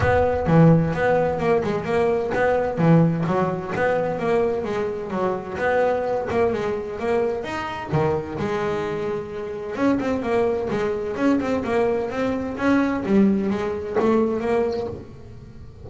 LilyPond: \new Staff \with { instrumentName = "double bass" } { \time 4/4 \tempo 4 = 129 b4 e4 b4 ais8 gis8 | ais4 b4 e4 fis4 | b4 ais4 gis4 fis4 | b4. ais8 gis4 ais4 |
dis'4 dis4 gis2~ | gis4 cis'8 c'8 ais4 gis4 | cis'8 c'8 ais4 c'4 cis'4 | g4 gis4 a4 ais4 | }